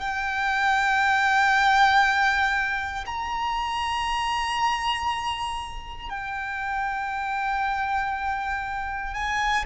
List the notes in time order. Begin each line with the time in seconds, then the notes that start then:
0.00 G5
3.06 A#5
6.10 G5
9.14 G#5